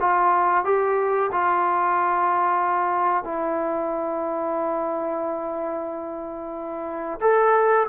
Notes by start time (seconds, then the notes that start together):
0.00 F4
0.64 G4
1.32 F4
3.24 E4
7.20 A4